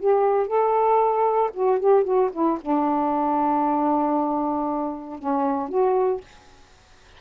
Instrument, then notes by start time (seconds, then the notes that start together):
saxophone
0.00 G4
0.47 A4
1.54 F#4
1.80 G4
2.04 F#4
2.33 E4
2.61 D4
5.19 C#4
5.69 F#4